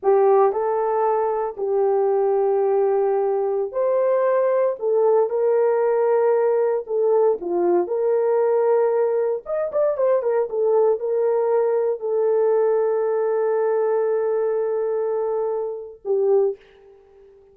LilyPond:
\new Staff \with { instrumentName = "horn" } { \time 4/4 \tempo 4 = 116 g'4 a'2 g'4~ | g'2.~ g'16 c''8.~ | c''4~ c''16 a'4 ais'4.~ ais'16~ | ais'4~ ais'16 a'4 f'4 ais'8.~ |
ais'2~ ais'16 dis''8 d''8 c''8 ais'16~ | ais'16 a'4 ais'2 a'8.~ | a'1~ | a'2. g'4 | }